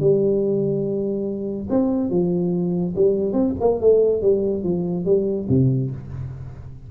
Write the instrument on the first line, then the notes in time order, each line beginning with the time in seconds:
tuba
0.00 G3
1.70 C4
2.10 F3
2.95 G3
3.33 C4
3.61 A#3
3.81 A3
4.22 G3
4.64 F3
5.05 G3
5.49 C3